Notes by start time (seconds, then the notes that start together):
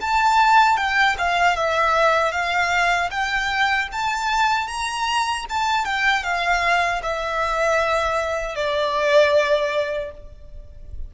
0.00 A5
0.77 G5
1.18 F5
1.56 E5
2.32 F5
3.10 G5
3.92 A5
4.67 A#5
5.49 A5
5.84 G5
6.23 F5
7.02 E5
8.55 D5